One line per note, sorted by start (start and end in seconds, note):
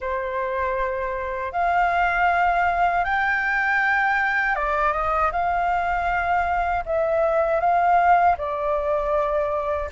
0.00 1.52 C5
1.52 3.04 F5
3.04 4.55 G5
4.55 4.92 D5
4.92 5.30 D#5
5.32 6.84 F5
6.85 7.60 E5
7.60 8.36 F5
8.37 9.89 D5